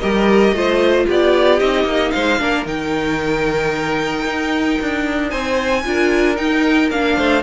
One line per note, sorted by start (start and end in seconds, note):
0.00 0.52 G3
0.00 0.55 G4
0.00 0.55 A#4
0.00 1.06 D#5
0.52 1.06 A3
0.52 1.60 F4
0.52 1.06 C5
1.06 1.61 B3
1.06 2.12 G4
1.06 1.60 D5
1.60 1.85 C4
1.60 2.39 D#4
1.60 2.11 D#5
1.85 2.11 A#3
2.11 2.41 G#3
2.11 2.40 C5
2.11 2.64 F5
2.39 2.66 A#3
2.39 2.66 D4
2.39 5.30 A#4
2.66 4.25 D#3
2.66 5.85 D#4
2.66 5.30 G5
4.25 4.78 D#4
4.82 5.32 D4
5.30 5.86 C4
5.30 5.83 C5
5.30 6.36 G#5
5.85 6.39 D4
5.85 6.36 F4
5.85 7.17 A#4
6.36 6.89 D#4
6.36 6.91 D#4
6.36 6.90 G5
6.91 7.18 A#3
6.91 7.43 D4
6.91 7.43 F5
7.17 7.43 A3
7.17 7.43 C5